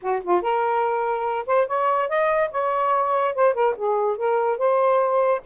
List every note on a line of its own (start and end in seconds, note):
0.01 0.22 F#4
0.23 0.41 F4
0.41 1.46 A#4
1.46 1.67 C5
1.67 2.08 C#5
2.08 2.50 D#5
2.51 3.34 C#5
3.34 3.54 C5
3.54 3.74 A#4
3.76 4.16 G#4
4.16 4.58 A#4
4.58 5.41 C5